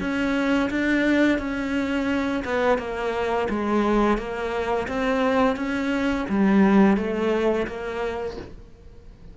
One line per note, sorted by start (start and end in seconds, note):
0.00 0.70 C#4
0.70 1.39 D4
1.39 2.43 C#4
2.45 2.78 B3
2.78 3.48 A#3
3.49 4.18 G#3
4.18 4.87 A#3
4.88 5.56 C4
5.56 6.26 C#4
6.29 6.97 G3
6.97 7.66 A3
7.67 8.37 A#3